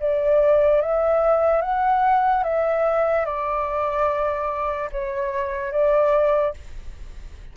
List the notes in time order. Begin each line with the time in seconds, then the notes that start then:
0.00 D5
0.81 E5
1.62 F#5
2.44 E5
3.25 D5
4.92 C#5
5.72 D5